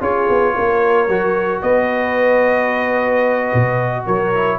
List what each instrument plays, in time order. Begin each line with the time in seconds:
0.00 tuba C#4, trombone F4, horn G#4, trumpet C#5
0.29 tuba B3
0.56 tuba A#3, horn A#4
1.07 tuba F#3, trombone F#4
1.61 tuba B3, horn B4, trumpet D#5
3.53 tuba B2
4.05 tuba F#3, horn A#4, trumpet C#5
4.34 trombone E4